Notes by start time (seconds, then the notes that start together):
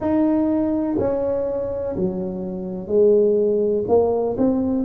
0.00 D#4
0.99 C#4
1.96 F#3
2.87 G#3
3.88 A#3
4.37 C4